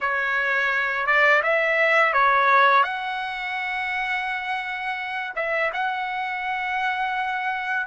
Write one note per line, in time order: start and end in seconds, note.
0.01 1.06 C#5
1.06 1.42 D5
1.43 2.13 E5
2.13 2.83 C#5
2.83 5.33 F#5
5.35 5.71 E5
5.73 7.86 F#5